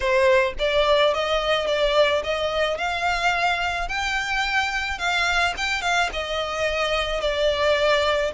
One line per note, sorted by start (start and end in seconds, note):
0.00 0.53 C5
0.58 1.13 D5
1.13 1.67 D#5
1.67 2.22 D5
2.23 2.77 D#5
2.77 3.88 F5
3.88 4.98 G5
4.98 5.54 F5
5.57 5.81 G5
5.81 6.09 F5
6.12 7.20 D#5
7.20 8.31 D5